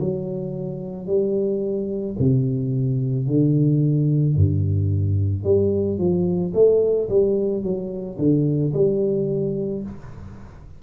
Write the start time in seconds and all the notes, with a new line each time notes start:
0.00 F#3
1.07 G3
2.20 C3
3.27 D3
4.36 G2
5.44 G3
5.99 F3
6.55 A3
7.10 G3
7.63 F#3
8.19 D3
8.74 G3